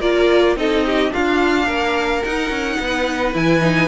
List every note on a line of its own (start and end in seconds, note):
0.00 0.56 A#3
0.00 0.56 F4
0.00 0.56 A#4
0.00 0.57 D5
0.56 1.11 C4
0.56 1.10 D#4
0.56 0.85 A4
0.56 1.13 D#5
0.85 1.13 G4
1.10 2.21 D4
1.10 1.67 F4
1.10 2.24 F5
1.16 1.67 D4
1.67 2.22 A#3
1.67 2.78 A#4
2.24 3.34 D#4
2.24 2.50 D#4
2.24 3.35 F#5
2.50 2.78 C#4
2.79 3.35 B3
2.79 3.88 B4
3.34 3.88 E3
3.34 3.61 E4
3.34 3.88 G#5
3.61 3.88 D#4